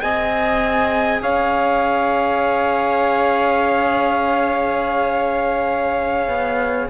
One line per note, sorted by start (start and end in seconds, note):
0.00 1.22 C4
0.00 6.90 G#4
0.00 1.20 D#5
0.00 1.20 G#5
1.20 6.28 C#4
1.20 6.90 C#5
1.20 6.90 F5
6.28 6.88 B3